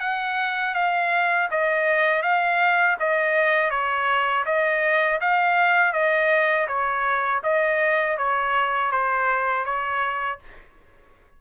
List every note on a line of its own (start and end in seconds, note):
0.00 0.74 F#5
0.74 1.48 F5
1.51 2.23 D#5
2.23 2.97 F5
2.99 3.70 D#5
3.70 4.44 C#5
4.45 5.20 D#5
5.21 5.93 F5
5.93 6.67 D#5
6.68 7.42 C#5
7.43 8.18 D#5
8.18 8.92 C#5
8.92 9.65 C5
9.65 10.39 C#5